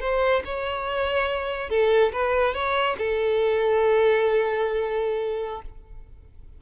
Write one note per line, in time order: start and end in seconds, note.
0.00 0.42 C5
0.45 1.70 C#5
1.70 2.12 A4
2.12 2.54 B4
2.54 2.96 C#5
2.98 5.62 A4